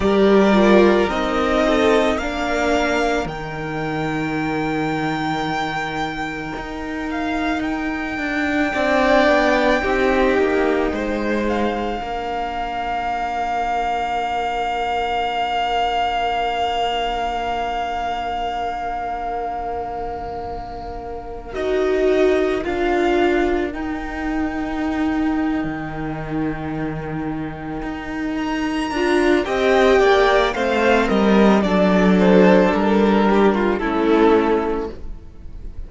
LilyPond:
<<
  \new Staff \with { instrumentName = "violin" } { \time 4/4 \tempo 4 = 55 d''4 dis''4 f''4 g''4~ | g''2~ g''8 f''8 g''4~ | g''2~ g''8 f''4.~ | f''1~ |
f''2.~ f''8. dis''16~ | dis''8. f''4 g''2~ g''16~ | g''2 ais''4 g''4 | f''8 dis''8 d''8 c''8 ais'4 a'4 | }
  \new Staff \with { instrumentName = "violin" } { \time 4/4 ais'4. a'8 ais'2~ | ais'1 | d''4 g'4 c''4 ais'4~ | ais'1~ |
ais'1~ | ais'1~ | ais'2. dis''8 d''8 | c''8 ais'8 a'4. g'16 f'16 e'4 | }
  \new Staff \with { instrumentName = "viola" } { \time 4/4 g'8 f'8 dis'4 d'4 dis'4~ | dis'1 | d'4 dis'2 d'4~ | d'1~ |
d'2.~ d'8. fis'16~ | fis'8. f'4 dis'2~ dis'16~ | dis'2~ dis'8 f'8 g'4 | c'4 d'2 cis'4 | }
  \new Staff \with { instrumentName = "cello" } { \time 4/4 g4 c'4 ais4 dis4~ | dis2 dis'4. d'8 | c'8 b8 c'8 ais8 gis4 ais4~ | ais1~ |
ais2.~ ais8. dis'16~ | dis'8. d'4 dis'4.~ dis'16 dis8~ | dis4. dis'4 d'8 c'8 ais8 | a8 g8 fis4 g4 a4 | }
>>